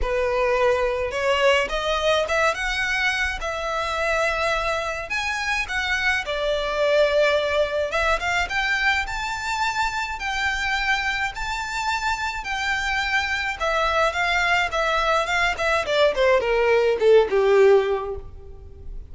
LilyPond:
\new Staff \with { instrumentName = "violin" } { \time 4/4 \tempo 4 = 106 b'2 cis''4 dis''4 | e''8 fis''4. e''2~ | e''4 gis''4 fis''4 d''4~ | d''2 e''8 f''8 g''4 |
a''2 g''2 | a''2 g''2 | e''4 f''4 e''4 f''8 e''8 | d''8 c''8 ais'4 a'8 g'4. | }